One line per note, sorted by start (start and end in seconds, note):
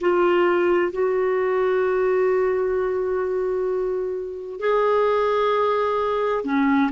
0.00 0.92 F4
0.92 4.60 F#4
4.60 6.44 G#4
6.44 6.91 C#4